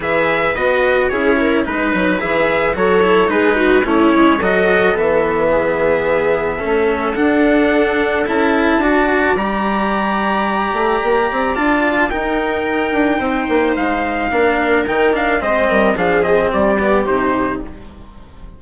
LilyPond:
<<
  \new Staff \with { instrumentName = "trumpet" } { \time 4/4 \tempo 4 = 109 e''4 dis''4 cis''4 b'4 | e''4 cis''4 b'4 cis''4 | dis''4 e''2.~ | e''4 fis''2 a''4~ |
a''4 ais''2.~ | ais''4 a''4 g''2~ | g''4 f''2 g''8 f''8 | dis''4 f''8 dis''8 d''4 c''4 | }
  \new Staff \with { instrumentName = "viola" } { \time 4/4 b'2 gis'8 ais'8 b'4~ | b'4 a'4 gis'8 fis'8 e'4 | a'2 gis'2 | a'1 |
d''1~ | d''2 ais'2 | c''2 ais'2 | c''8 ais'8 gis'4 g'2 | }
  \new Staff \with { instrumentName = "cello" } { \time 4/4 gis'4 fis'4 e'4 dis'4 | gis'4 fis'8 e'8 dis'4 cis'4 | fis'4 b2. | cis'4 d'2 e'4 |
fis'4 g'2.~ | g'4 f'4 dis'2~ | dis'2 d'4 dis'8 d'8 | c'4 d'8 c'4 b8 dis'4 | }
  \new Staff \with { instrumentName = "bassoon" } { \time 4/4 e4 b4 cis'4 gis8 fis8 | e4 fis4 gis4 a8 gis8 | fis4 e2. | a4 d'2 cis'4 |
d'4 g2~ g8 a8 | ais8 c'8 d'4 dis'4. d'8 | c'8 ais8 gis4 ais4 dis4 | gis8 g8 f4 g4 c4 | }
>>